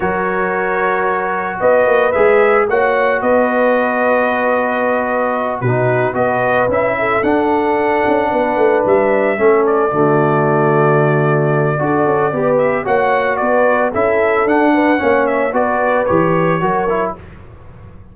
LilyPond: <<
  \new Staff \with { instrumentName = "trumpet" } { \time 4/4 \tempo 4 = 112 cis''2. dis''4 | e''4 fis''4 dis''2~ | dis''2~ dis''8 b'4 dis''8~ | dis''8 e''4 fis''2~ fis''8~ |
fis''8 e''4. d''2~ | d''2.~ d''8 e''8 | fis''4 d''4 e''4 fis''4~ | fis''8 e''8 d''4 cis''2 | }
  \new Staff \with { instrumentName = "horn" } { \time 4/4 ais'2. b'4~ | b'4 cis''4 b'2~ | b'2~ b'8 fis'4 b'8~ | b'4 a'2~ a'8 b'8~ |
b'4. a'4 fis'4.~ | fis'2 a'4 b'4 | cis''4 b'4 a'4. b'8 | cis''4 b'2 ais'4 | }
  \new Staff \with { instrumentName = "trombone" } { \time 4/4 fis'1 | gis'4 fis'2.~ | fis'2~ fis'8 dis'4 fis'8~ | fis'8 e'4 d'2~ d'8~ |
d'4. cis'4 a4.~ | a2 fis'4 g'4 | fis'2 e'4 d'4 | cis'4 fis'4 g'4 fis'8 e'8 | }
  \new Staff \with { instrumentName = "tuba" } { \time 4/4 fis2. b8 ais8 | gis4 ais4 b2~ | b2~ b8 b,4 b8~ | b8 cis'4 d'4. cis'8 b8 |
a8 g4 a4 d4.~ | d2 d'8 cis'8 b4 | ais4 b4 cis'4 d'4 | ais4 b4 e4 fis4 | }
>>